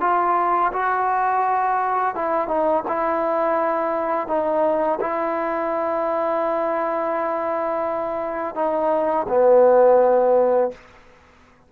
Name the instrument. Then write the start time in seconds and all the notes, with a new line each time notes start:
trombone
0.00 F4
0.72 F#4
2.15 E4
2.47 D#4
2.87 E4
4.27 D#4
5.00 E4
8.55 D#4
9.28 B3